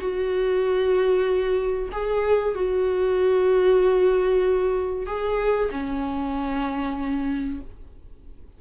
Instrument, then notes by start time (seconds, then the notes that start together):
viola
0.00 F#4
1.92 G#4
2.55 F#4
5.06 G#4
5.71 C#4